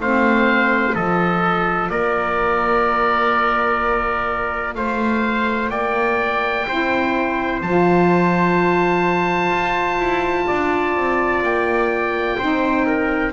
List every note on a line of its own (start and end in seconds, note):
0.00 0.95 A3
0.00 0.94 C4
0.00 0.95 C5
0.00 0.96 F5
0.94 1.91 F3
0.94 6.66 F4
0.94 1.90 A4
0.94 1.90 D#5
1.90 4.75 A#3
1.90 4.77 A#4
1.90 4.75 D5
4.75 5.71 A3
4.75 5.71 C5
4.75 5.70 F5
5.70 6.66 A#3
5.70 6.66 D5
5.70 7.60 G5
6.67 7.62 C4
6.67 7.62 E4
6.67 10.47 C5
7.62 9.51 F3
7.62 12.40 F4
7.62 11.43 A5
9.51 9.98 F4
9.98 10.46 E4
10.47 10.97 D4
10.47 12.37 D5
10.97 11.43 C4
11.43 12.38 A#3
11.43 13.33 G5
12.38 13.33 C4
12.38 13.33 D#4
12.38 12.86 C5
12.87 13.33 A#4